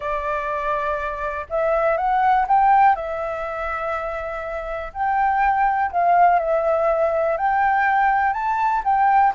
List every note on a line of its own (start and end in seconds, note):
0.00 1.46 D5
1.49 1.97 E5
1.97 2.46 F#5
2.47 2.95 G5
2.95 4.92 E5
4.93 5.91 G5
5.91 6.39 F5
6.39 7.37 E5
7.37 8.33 G5
8.33 8.82 A5
8.84 9.33 G5